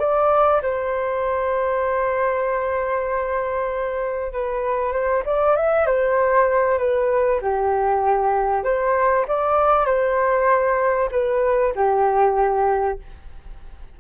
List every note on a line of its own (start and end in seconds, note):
0.00 0.62 D5
0.62 4.33 C5
4.33 4.93 B4
4.93 5.24 C5
5.26 5.57 D5
5.57 5.87 E5
5.87 6.79 C5
6.79 7.41 B4
7.42 8.65 G4
8.65 9.26 C5
9.28 9.86 D5
9.86 11.10 C5
11.12 11.74 B4
11.76 13.00 G4